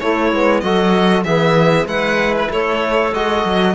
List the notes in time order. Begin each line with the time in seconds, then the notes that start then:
0.00 A3 E4 C#5
0.32 G#3 B3
0.61 F#3 F#4 A4 D#5
1.24 E3 B3 G#4 E5
1.86 G#3 E4 B4 F#5
2.36 B4
2.51 A3 A4 C#5
3.14 G#3 F#4 D#5
3.45 F#3